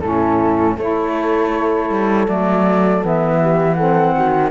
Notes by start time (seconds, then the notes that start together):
0.00 A2 C#4 E4 A4
0.77 A3 E4 A4 C#5
1.90 G3
2.27 F#3 A3 D5
3.02 E3 B3 E5
3.41 G4
3.74 C4 A4 F#5
4.15 D#3 F#4